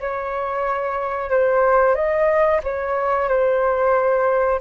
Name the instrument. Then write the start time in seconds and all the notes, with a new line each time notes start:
flute
0.00 C#5
1.30 C5
1.95 D#5
2.63 C#5
3.29 C5